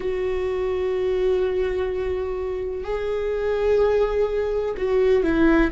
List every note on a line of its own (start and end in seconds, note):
0.00 2.84 F#4
2.84 4.74 G#4
4.77 5.23 F#4
5.23 5.71 E4